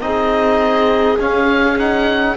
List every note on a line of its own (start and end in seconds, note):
0.00 1.19 C4
0.00 1.18 D#4
0.00 2.37 G#4
0.00 1.19 D#5
1.20 2.37 C#4
1.20 1.77 C#4
1.20 1.78 F5
1.77 2.36 D#4
1.77 2.37 F#5